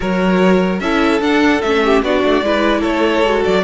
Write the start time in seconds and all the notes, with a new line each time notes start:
0.00 F#3 F#4 A#4 C#5
0.79 C#4 E4 A4 E5
1.20 D4 F#5
1.61 A3 C#4 E5
1.84 G4
2.02 B3 D4 F#4 D5
2.24 A3
2.41 G#3 E4 B4
2.80 A3 A4 C#5
3.23 G#3 F#4
3.44 F#3 D5